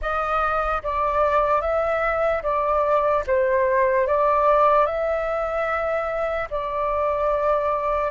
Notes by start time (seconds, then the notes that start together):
0.01 D#5
0.83 D5
1.61 E5
2.43 D5
3.27 C5
4.07 D5
4.86 E5
6.50 D5